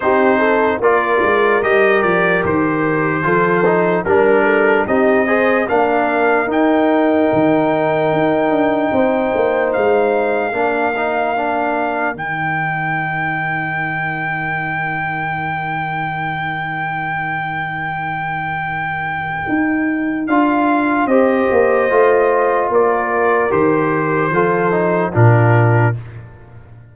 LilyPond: <<
  \new Staff \with { instrumentName = "trumpet" } { \time 4/4 \tempo 4 = 74 c''4 d''4 dis''8 d''8 c''4~ | c''4 ais'4 dis''4 f''4 | g''1 | f''2. g''4~ |
g''1~ | g''1~ | g''4 f''4 dis''2 | d''4 c''2 ais'4 | }
  \new Staff \with { instrumentName = "horn" } { \time 4/4 g'8 a'8 ais'2. | a'4 ais'8 a'8 g'8 c''8 ais'4~ | ais'2. c''4~ | c''4 ais'2.~ |
ais'1~ | ais'1~ | ais'2 c''2 | ais'2 a'4 f'4 | }
  \new Staff \with { instrumentName = "trombone" } { \time 4/4 dis'4 f'4 g'2 | f'8 dis'8 d'4 dis'8 gis'8 d'4 | dis'1~ | dis'4 d'8 dis'8 d'4 dis'4~ |
dis'1~ | dis'1~ | dis'4 f'4 g'4 f'4~ | f'4 g'4 f'8 dis'8 d'4 | }
  \new Staff \with { instrumentName = "tuba" } { \time 4/4 c'4 ais8 gis8 g8 f8 dis4 | f4 g4 c'4 ais4 | dis'4 dis4 dis'8 d'8 c'8 ais8 | gis4 ais2 dis4~ |
dis1~ | dis1 | dis'4 d'4 c'8 ais8 a4 | ais4 dis4 f4 ais,4 | }
>>